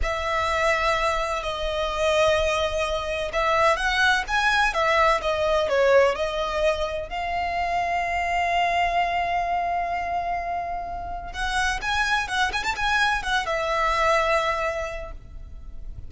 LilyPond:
\new Staff \with { instrumentName = "violin" } { \time 4/4 \tempo 4 = 127 e''2. dis''4~ | dis''2. e''4 | fis''4 gis''4 e''4 dis''4 | cis''4 dis''2 f''4~ |
f''1~ | f''1 | fis''4 gis''4 fis''8 gis''16 a''16 gis''4 | fis''8 e''2.~ e''8 | }